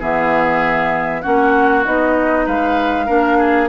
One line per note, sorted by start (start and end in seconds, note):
0.00 1.25 E3
0.00 1.23 B3
0.00 1.22 G#4
0.00 1.22 E5
1.22 1.86 A#3
1.22 1.85 C#4
1.22 2.45 F#4
1.22 1.84 F#5
1.85 2.47 B3
1.85 3.07 D#4
1.85 2.47 D#5
2.46 3.09 G#3
2.46 3.06 B4
2.46 3.69 F5
3.06 3.69 A#3
3.06 3.69 D4
3.06 3.37 A#4
3.38 3.69 G#4